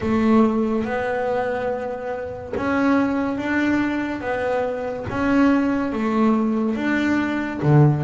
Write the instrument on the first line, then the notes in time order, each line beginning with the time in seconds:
double bass
0.00 A3
0.85 B3
2.56 C#4
3.37 D4
4.21 B3
5.09 C#4
5.92 A3
6.75 D4
7.62 D3